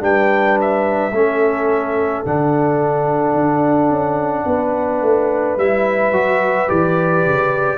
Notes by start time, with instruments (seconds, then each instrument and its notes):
0.00 tuba G3, trombone D4, horn B4, trumpet G5
0.60 trumpet E5
1.11 tuba A3, trombone C#4, horn A4
2.25 tuba D3, trombone D4, trumpet F#5
3.34 tuba D4
3.88 tuba C#4
4.46 tuba B3, horn B4
5.01 tuba A3
5.56 tuba G3, trombone E4, trumpet E5
6.12 tuba F#3, trombone F#4
6.67 tuba E3, trombone G4, trumpet D5
7.25 tuba C#3